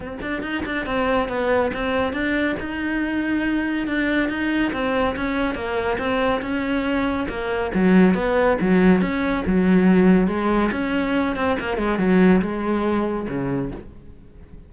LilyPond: \new Staff \with { instrumentName = "cello" } { \time 4/4 \tempo 4 = 140 c'8 d'8 dis'8 d'8 c'4 b4 | c'4 d'4 dis'2~ | dis'4 d'4 dis'4 c'4 | cis'4 ais4 c'4 cis'4~ |
cis'4 ais4 fis4 b4 | fis4 cis'4 fis2 | gis4 cis'4. c'8 ais8 gis8 | fis4 gis2 cis4 | }